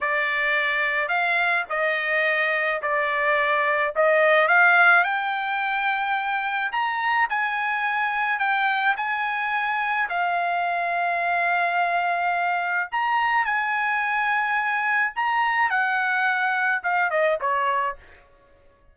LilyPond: \new Staff \with { instrumentName = "trumpet" } { \time 4/4 \tempo 4 = 107 d''2 f''4 dis''4~ | dis''4 d''2 dis''4 | f''4 g''2. | ais''4 gis''2 g''4 |
gis''2 f''2~ | f''2. ais''4 | gis''2. ais''4 | fis''2 f''8 dis''8 cis''4 | }